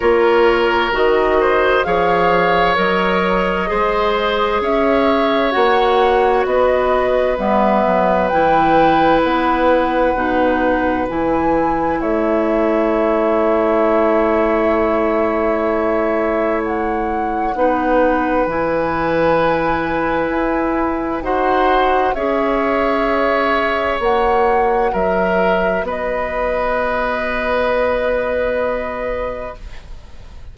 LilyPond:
<<
  \new Staff \with { instrumentName = "flute" } { \time 4/4 \tempo 4 = 65 cis''4 dis''4 f''4 dis''4~ | dis''4 e''4 fis''4 dis''4 | e''4 g''4 fis''2 | gis''4 e''2.~ |
e''2 fis''2 | gis''2. fis''4 | e''2 fis''4 e''4 | dis''1 | }
  \new Staff \with { instrumentName = "oboe" } { \time 4/4 ais'4. c''8 cis''2 | c''4 cis''2 b'4~ | b'1~ | b'4 cis''2.~ |
cis''2. b'4~ | b'2. c''4 | cis''2. ais'4 | b'1 | }
  \new Staff \with { instrumentName = "clarinet" } { \time 4/4 f'4 fis'4 gis'4 ais'4 | gis'2 fis'2 | b4 e'2 dis'4 | e'1~ |
e'2. dis'4 | e'2. fis'4 | gis'2 fis'2~ | fis'1 | }
  \new Staff \with { instrumentName = "bassoon" } { \time 4/4 ais4 dis4 f4 fis4 | gis4 cis'4 ais4 b4 | g8 fis8 e4 b4 b,4 | e4 a2.~ |
a2. b4 | e2 e'4 dis'4 | cis'2 ais4 fis4 | b1 | }
>>